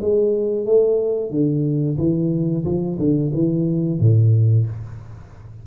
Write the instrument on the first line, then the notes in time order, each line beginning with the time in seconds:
tuba
0.00 G#3
0.65 A3
1.30 D3
1.97 E3
2.64 F3
2.98 D3
3.34 E3
3.99 A2